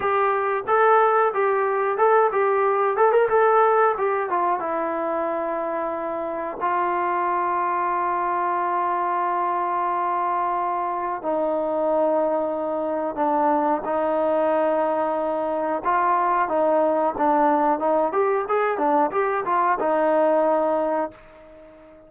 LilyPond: \new Staff \with { instrumentName = "trombone" } { \time 4/4 \tempo 4 = 91 g'4 a'4 g'4 a'8 g'8~ | g'8 a'16 ais'16 a'4 g'8 f'8 e'4~ | e'2 f'2~ | f'1~ |
f'4 dis'2. | d'4 dis'2. | f'4 dis'4 d'4 dis'8 g'8 | gis'8 d'8 g'8 f'8 dis'2 | }